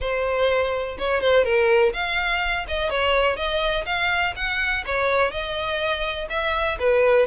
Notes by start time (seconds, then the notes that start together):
0.00 C5
0.98 C#5
1.21 C5
1.44 A#4
1.93 F5
2.68 D#5
2.90 C#5
3.36 D#5
3.85 F5
4.35 F#5
4.85 C#5
5.31 D#5
6.29 E5
6.79 B4